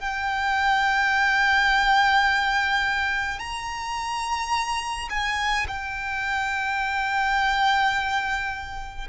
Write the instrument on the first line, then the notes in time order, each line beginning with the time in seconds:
violin
0.00 G5
3.39 A#5
5.10 G#5
5.68 G5